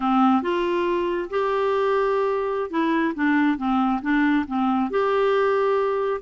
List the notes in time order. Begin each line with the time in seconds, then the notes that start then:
0.00 C4
0.42 F4
1.29 G4
2.70 E4
3.14 D4
3.57 C4
4.02 D4
4.47 C4
4.90 G4